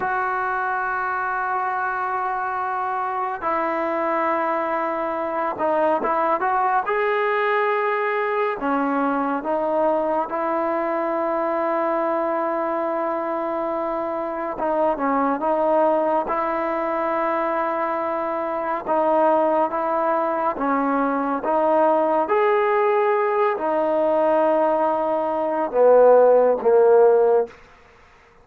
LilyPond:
\new Staff \with { instrumentName = "trombone" } { \time 4/4 \tempo 4 = 70 fis'1 | e'2~ e'8 dis'8 e'8 fis'8 | gis'2 cis'4 dis'4 | e'1~ |
e'4 dis'8 cis'8 dis'4 e'4~ | e'2 dis'4 e'4 | cis'4 dis'4 gis'4. dis'8~ | dis'2 b4 ais4 | }